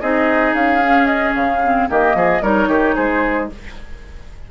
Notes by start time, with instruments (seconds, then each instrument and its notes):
0.00 bassoon C4, clarinet D#4, oboe G#4, flute D#5
0.53 bassoon C#4, flute F5
0.81 clarinet C#4
1.06 flute D#5
1.35 bassoon C#3, flute F5
1.64 clarinet C4
1.88 bassoon D#3, clarinet A#3, oboe G4, flute D#5
2.14 bassoon F3, oboe G#4
2.41 bassoon G3, clarinet D#4, oboe A#4, flute C#5
2.68 bassoon D#3, oboe G4
2.95 bassoon G#3, oboe G#4, flute C5